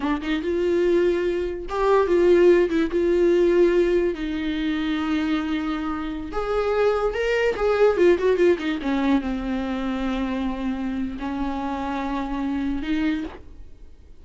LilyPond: \new Staff \with { instrumentName = "viola" } { \time 4/4 \tempo 4 = 145 d'8 dis'8 f'2. | g'4 f'4. e'8 f'4~ | f'2 dis'2~ | dis'2.~ dis'16 gis'8.~ |
gis'4~ gis'16 ais'4 gis'4 f'8 fis'16~ | fis'16 f'8 dis'8 cis'4 c'4.~ c'16~ | c'2. cis'4~ | cis'2. dis'4 | }